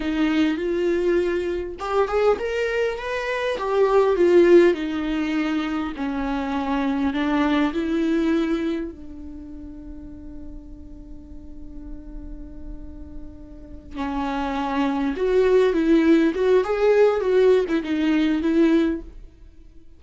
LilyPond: \new Staff \with { instrumentName = "viola" } { \time 4/4 \tempo 4 = 101 dis'4 f'2 g'8 gis'8 | ais'4 b'4 g'4 f'4 | dis'2 cis'2 | d'4 e'2 d'4~ |
d'1~ | d'2.~ d'8 cis'8~ | cis'4. fis'4 e'4 fis'8 | gis'4 fis'8. e'16 dis'4 e'4 | }